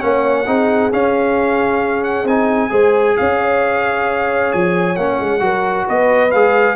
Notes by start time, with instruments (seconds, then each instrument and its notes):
0.00 tuba A#3, trombone C#4, horn C#5, trumpet F#5
0.46 tuba C4, trombone D#4, horn G#4
0.92 trombone C#4, tuba C#4, trumpet F5
2.04 trumpet F#5
2.24 tuba C4, trombone D#4, trumpet G#5
2.70 tuba G#3, trombone G#4, horn C5
3.17 tuba C#4, horn C#5, trumpet F5
4.53 tuba F3, trumpet G#5
4.96 tuba A#3, trombone C#4, trumpet F#5
5.20 tuba G#3
5.40 tuba F#3, trombone F#4, horn A#4
5.87 tuba B3, horn B4, trumpet D#5
6.31 tuba G#3, trombone G#4, trumpet F5